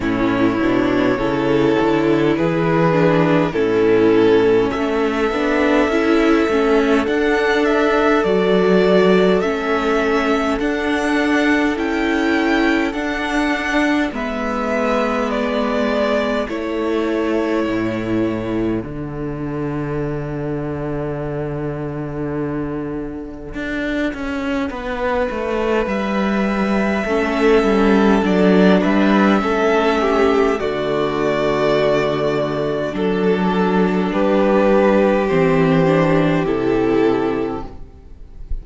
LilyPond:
<<
  \new Staff \with { instrumentName = "violin" } { \time 4/4 \tempo 4 = 51 cis''2 b'4 a'4 | e''2 fis''8 e''8 d''4 | e''4 fis''4 g''4 fis''4 | e''4 d''4 cis''2 |
fis''1~ | fis''2 e''2 | d''8 e''4. d''2 | a'4 b'4 c''4 a'4 | }
  \new Staff \with { instrumentName = "violin" } { \time 4/4 e'4 a'4 gis'4 e'4 | a'1~ | a'1 | b'2 a'2~ |
a'1~ | a'4 b'2 a'4~ | a'8 b'8 a'8 g'8 fis'2 | a'4 g'2. | }
  \new Staff \with { instrumentName = "viola" } { \time 4/4 cis'8 d'8 e'4. d'8 cis'4~ | cis'8 d'8 e'8 cis'8 d'4 fis'4 | cis'4 d'4 e'4 d'4 | b2 e'2 |
d'1~ | d'2. cis'4 | d'4 cis'4 a2 | d'2 c'8 d'8 e'4 | }
  \new Staff \with { instrumentName = "cello" } { \time 4/4 a,8 b,8 cis8 d8 e4 a,4 | a8 b8 cis'8 a8 d'4 fis4 | a4 d'4 cis'4 d'4 | gis2 a4 a,4 |
d1 | d'8 cis'8 b8 a8 g4 a8 g8 | fis8 g8 a4 d2 | fis4 g4 e4 c4 | }
>>